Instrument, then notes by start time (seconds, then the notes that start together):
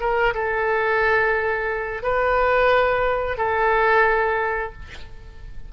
oboe
0.00 A#4
0.34 A4
2.03 B4
3.37 A4